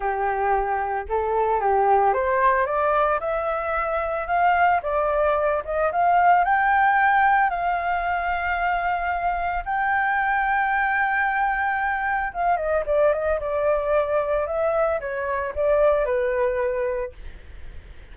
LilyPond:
\new Staff \with { instrumentName = "flute" } { \time 4/4 \tempo 4 = 112 g'2 a'4 g'4 | c''4 d''4 e''2 | f''4 d''4. dis''8 f''4 | g''2 f''2~ |
f''2 g''2~ | g''2. f''8 dis''8 | d''8 dis''8 d''2 e''4 | cis''4 d''4 b'2 | }